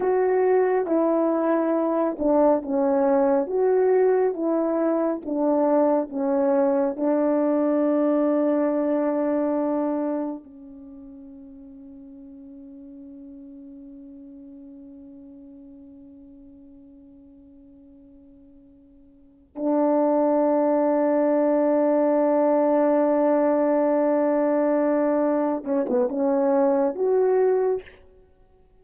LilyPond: \new Staff \with { instrumentName = "horn" } { \time 4/4 \tempo 4 = 69 fis'4 e'4. d'8 cis'4 | fis'4 e'4 d'4 cis'4 | d'1 | cis'1~ |
cis'1~ | cis'2~ cis'8 d'4.~ | d'1~ | d'4. cis'16 b16 cis'4 fis'4 | }